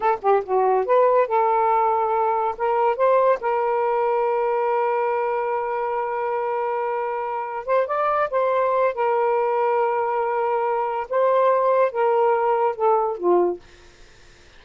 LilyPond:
\new Staff \with { instrumentName = "saxophone" } { \time 4/4 \tempo 4 = 141 a'8 g'8 fis'4 b'4 a'4~ | a'2 ais'4 c''4 | ais'1~ | ais'1~ |
ais'2 c''8 d''4 c''8~ | c''4 ais'2.~ | ais'2 c''2 | ais'2 a'4 f'4 | }